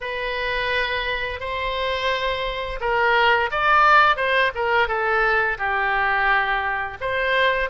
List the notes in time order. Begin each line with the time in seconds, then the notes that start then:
0.01 B4
1.40 C5
2.80 A#4
3.51 D5
4.16 C5
4.54 A#4
4.87 A4
5.58 G4
7.00 C5